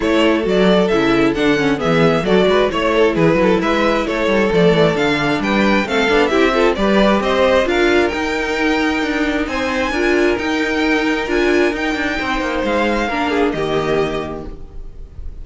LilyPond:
<<
  \new Staff \with { instrumentName = "violin" } { \time 4/4 \tempo 4 = 133 cis''4 d''4 e''4 fis''4 | e''4 d''4 cis''4 b'4 | e''4 cis''4 d''4 f''4 | g''4 f''4 e''4 d''4 |
dis''4 f''4 g''2~ | g''4 gis''2 g''4~ | g''4 gis''4 g''2 | f''2 dis''2 | }
  \new Staff \with { instrumentName = "violin" } { \time 4/4 a'1 | gis'4 a'8 b'8 cis''8 a'8 gis'8 a'8 | b'4 a'2. | b'4 a'4 g'8 a'8 b'4 |
c''4 ais'2.~ | ais'4 c''4 ais'2~ | ais'2. c''4~ | c''4 ais'8 gis'8 g'2 | }
  \new Staff \with { instrumentName = "viola" } { \time 4/4 e'4 fis'4 e'4 d'8 cis'8 | b4 fis'4 e'2~ | e'2 a4 d'4~ | d'4 c'8 d'8 e'8 f'8 g'4~ |
g'4 f'4 dis'2~ | dis'2 f'4 dis'4~ | dis'4 f'4 dis'2~ | dis'4 d'4 ais2 | }
  \new Staff \with { instrumentName = "cello" } { \time 4/4 a4 fis4 cis4 d4 | e4 fis8 gis8 a4 e8 fis8 | gis4 a8 g8 f8 e8 d4 | g4 a8 b8 c'4 g4 |
c'4 d'4 dis'2 | d'4 c'4 d'4 dis'4~ | dis'4 d'4 dis'8 d'8 c'8 ais8 | gis4 ais4 dis2 | }
>>